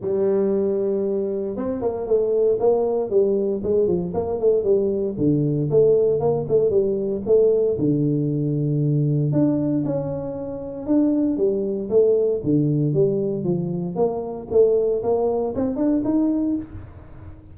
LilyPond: \new Staff \with { instrumentName = "tuba" } { \time 4/4 \tempo 4 = 116 g2. c'8 ais8 | a4 ais4 g4 gis8 f8 | ais8 a8 g4 d4 a4 | ais8 a8 g4 a4 d4~ |
d2 d'4 cis'4~ | cis'4 d'4 g4 a4 | d4 g4 f4 ais4 | a4 ais4 c'8 d'8 dis'4 | }